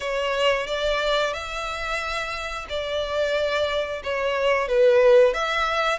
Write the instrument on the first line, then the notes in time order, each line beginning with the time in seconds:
violin
0.00 C#5
0.66 D5
1.33 E5
2.68 D5
4.03 C#5
4.68 B4
5.33 E5